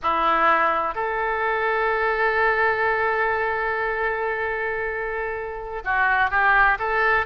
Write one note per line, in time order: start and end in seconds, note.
0.02 0.94 E4
0.94 5.82 A4
5.84 6.30 F#4
6.30 6.77 G4
6.78 7.26 A4